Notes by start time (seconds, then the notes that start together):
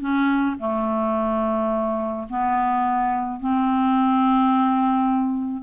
0.00 C#4
0.59 A3
2.30 B3
3.40 C4